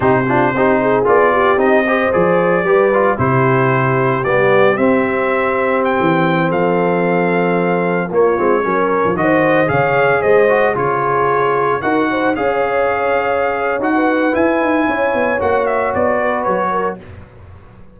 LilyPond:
<<
  \new Staff \with { instrumentName = "trumpet" } { \time 4/4 \tempo 4 = 113 c''2 d''4 dis''4 | d''2 c''2 | d''4 e''2 g''4~ | g''16 f''2. cis''8.~ |
cis''4~ cis''16 dis''4 f''4 dis''8.~ | dis''16 cis''2 fis''4 f''8.~ | f''2 fis''4 gis''4~ | gis''4 fis''8 e''8 d''4 cis''4 | }
  \new Staff \with { instrumentName = "horn" } { \time 4/4 g'8 f'8 g'8 gis'4 g'4 c''8~ | c''4 b'4 g'2~ | g'1~ | g'16 a'2. f'8.~ |
f'16 ais'4 c''4 cis''4 c''8.~ | c''16 gis'2 ais'8 c''8 cis''8.~ | cis''2~ cis''16 b'4.~ b'16 | cis''2~ cis''8 b'4 ais'8 | }
  \new Staff \with { instrumentName = "trombone" } { \time 4/4 dis'8 d'8 dis'4 f'4 dis'8 g'8 | gis'4 g'8 f'8 e'2 | b4 c'2.~ | c'2.~ c'16 ais8 c'16~ |
c'16 cis'4 fis'4 gis'4. fis'16~ | fis'16 f'2 fis'4 gis'8.~ | gis'2 fis'4 e'4~ | e'4 fis'2. | }
  \new Staff \with { instrumentName = "tuba" } { \time 4/4 c4 c'4 b4 c'4 | f4 g4 c2 | g4 c'2~ c'16 e8.~ | e16 f2. ais8 gis16~ |
gis16 fis8. f16 dis4 cis4 gis8.~ | gis16 cis2 dis'4 cis'8.~ | cis'2 dis'4 e'8 dis'8 | cis'8 b8 ais4 b4 fis4 | }
>>